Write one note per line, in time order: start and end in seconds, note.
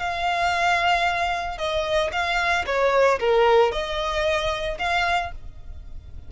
0.00 1.58 F5
1.58 2.11 D#5
2.12 2.65 F5
2.66 3.20 C#5
3.20 3.72 A#4
3.72 4.78 D#5
4.79 5.32 F5